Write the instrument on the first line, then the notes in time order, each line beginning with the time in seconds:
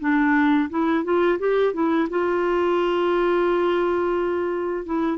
clarinet
0.00 D4
0.70 E4
1.04 F4
1.39 G4
1.73 E4
2.09 F4
4.86 E4